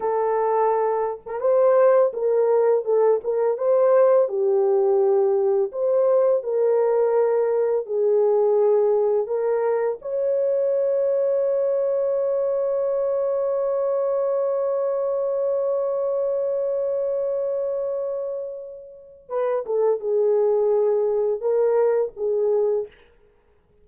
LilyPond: \new Staff \with { instrumentName = "horn" } { \time 4/4 \tempo 4 = 84 a'4.~ a'16 ais'16 c''4 ais'4 | a'8 ais'8 c''4 g'2 | c''4 ais'2 gis'4~ | gis'4 ais'4 cis''2~ |
cis''1~ | cis''1~ | cis''2. b'8 a'8 | gis'2 ais'4 gis'4 | }